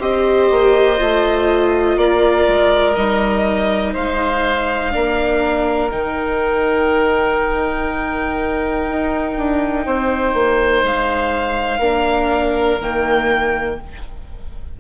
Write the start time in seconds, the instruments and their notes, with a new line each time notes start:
0.00 bassoon C4, viola G4, oboe C5, violin D#5
0.51 bassoon A#3
0.98 bassoon A3, viola F4
1.97 bassoon A#3, oboe A#4, violin D5
2.48 bassoon G#3
2.95 bassoon G3, viola D#4, violin D#5
3.94 bassoon G#3, oboe C5, violin F5
4.92 bassoon A#3, viola D4, oboe A#4
5.91 bassoon D#3, viola D#4, violin G5
8.87 bassoon D#4
9.37 bassoon D4
9.86 bassoon C4, oboe C5
10.34 bassoon A#3
10.83 bassoon G#3, violin F5
11.79 bassoon A#3, viola D4, oboe A#4
12.81 bassoon D#3, viola A#3, violin G5